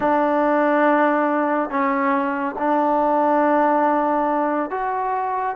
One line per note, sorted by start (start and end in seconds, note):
0.00 1.69 D4
1.69 2.55 C#4
2.58 4.70 D4
4.70 5.56 F#4